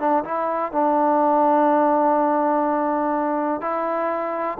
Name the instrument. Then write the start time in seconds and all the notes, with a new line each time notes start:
trombone
0.00 D4
0.25 E4
0.72 D4
3.61 E4